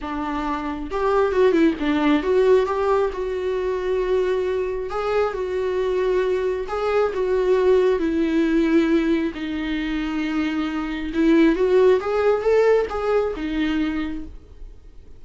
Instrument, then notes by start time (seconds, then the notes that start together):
viola
0.01 D4
0.90 G4
1.32 F#4
1.52 E4
1.79 D4
2.22 F#4
2.66 G4
3.13 F#4
4.90 G#4
5.33 F#4
6.68 G#4
7.13 F#4
7.99 E4
9.34 D#4
11.13 E4
11.55 F#4
12.00 G#4
12.42 A4
12.89 G#4
13.36 D#4